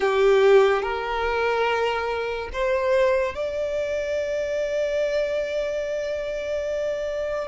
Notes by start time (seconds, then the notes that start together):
0.00 G4
0.82 A#4
2.52 C5
3.34 D5